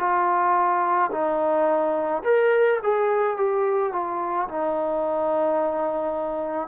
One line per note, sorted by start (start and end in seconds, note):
0.00 1.11 F4
1.12 2.23 D#4
2.24 2.80 A#4
2.83 3.37 G#4
3.37 3.93 G4
3.93 4.48 F4
4.48 6.68 D#4